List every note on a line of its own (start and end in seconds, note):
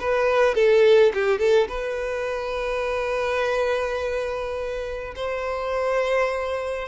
0.00 0.55 B4
0.55 1.12 A4
1.14 1.38 G4
1.38 1.67 A4
1.68 5.14 B4
5.16 6.88 C5